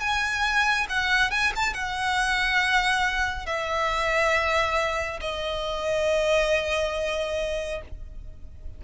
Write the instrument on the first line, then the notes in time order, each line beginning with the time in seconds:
violin
0.00 G#5
0.89 F#5
1.31 G#5
1.55 A5
1.74 F#5
3.46 E5
5.21 D#5